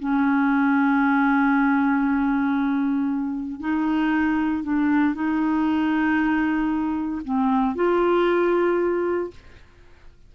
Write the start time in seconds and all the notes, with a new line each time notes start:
0.00 C#4
3.61 D#4
4.64 D4
5.15 D#4
7.25 C4
7.76 F4